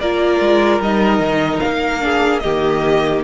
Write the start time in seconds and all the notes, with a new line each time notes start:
0.00 A#3 F4 A#4 D5
0.40 G#3
0.80 G3 D#4 D#5
1.19 D#3
1.59 F5
1.66 A#3
2.00 D4 G#4
2.39 D#3 A#3 G4 D#5